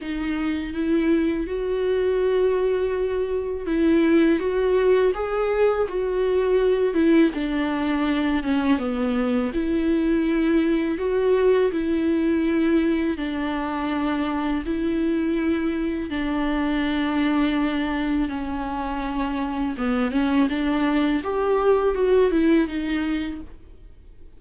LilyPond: \new Staff \with { instrumentName = "viola" } { \time 4/4 \tempo 4 = 82 dis'4 e'4 fis'2~ | fis'4 e'4 fis'4 gis'4 | fis'4. e'8 d'4. cis'8 | b4 e'2 fis'4 |
e'2 d'2 | e'2 d'2~ | d'4 cis'2 b8 cis'8 | d'4 g'4 fis'8 e'8 dis'4 | }